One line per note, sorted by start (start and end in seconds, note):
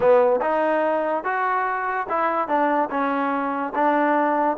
0.00 0.40 B3
0.41 1.23 D#4
1.23 2.06 F#4
2.09 2.48 E4
2.48 2.89 D4
2.90 3.73 C#4
3.74 4.57 D4